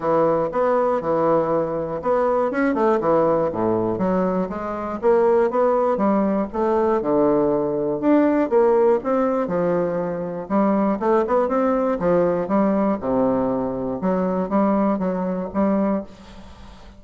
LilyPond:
\new Staff \with { instrumentName = "bassoon" } { \time 4/4 \tempo 4 = 120 e4 b4 e2 | b4 cis'8 a8 e4 a,4 | fis4 gis4 ais4 b4 | g4 a4 d2 |
d'4 ais4 c'4 f4~ | f4 g4 a8 b8 c'4 | f4 g4 c2 | fis4 g4 fis4 g4 | }